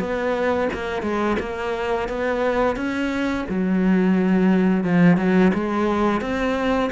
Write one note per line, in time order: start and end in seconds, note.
0.00 0.69 B3
0.73 1.03 A#3
1.03 1.37 G#3
1.40 2.09 A#3
2.09 2.76 B3
2.76 3.45 C#4
3.49 4.84 F#3
4.84 5.18 F3
5.18 5.52 F#3
5.54 6.21 G#3
6.21 6.90 C4